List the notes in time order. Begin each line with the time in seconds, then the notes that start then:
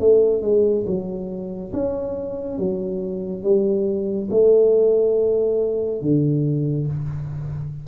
0.00 A3
0.42 G#3
0.86 F#3
1.73 C#4
2.59 F#3
3.43 G3
4.31 A3
6.02 D3